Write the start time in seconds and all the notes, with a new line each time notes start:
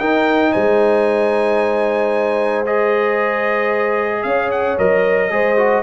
0.00 D#4 A#4 G5
0.52 G#3 C5 G#5
2.66 G#4 D#5
4.23 C#4 C#5 F5
4.52 F#5
4.78 F#3 A#4 D#5
5.31 G#3 G#4 C5
5.58 F#4